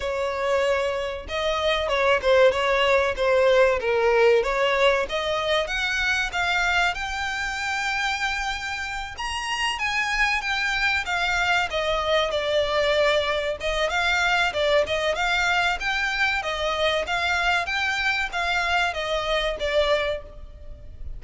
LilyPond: \new Staff \with { instrumentName = "violin" } { \time 4/4 \tempo 4 = 95 cis''2 dis''4 cis''8 c''8 | cis''4 c''4 ais'4 cis''4 | dis''4 fis''4 f''4 g''4~ | g''2~ g''8 ais''4 gis''8~ |
gis''8 g''4 f''4 dis''4 d''8~ | d''4. dis''8 f''4 d''8 dis''8 | f''4 g''4 dis''4 f''4 | g''4 f''4 dis''4 d''4 | }